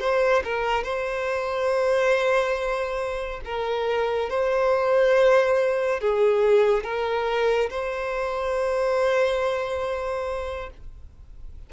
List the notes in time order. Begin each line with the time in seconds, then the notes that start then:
0.00 C5
0.44 A#4
0.84 C5
3.45 A#4
4.30 C5
6.01 G#4
6.84 A#4
7.70 C5